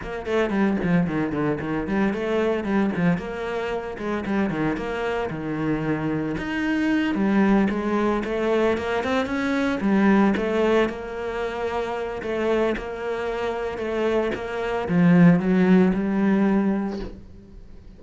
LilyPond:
\new Staff \with { instrumentName = "cello" } { \time 4/4 \tempo 4 = 113 ais8 a8 g8 f8 dis8 d8 dis8 g8 | a4 g8 f8 ais4. gis8 | g8 dis8 ais4 dis2 | dis'4. g4 gis4 a8~ |
a8 ais8 c'8 cis'4 g4 a8~ | a8 ais2~ ais8 a4 | ais2 a4 ais4 | f4 fis4 g2 | }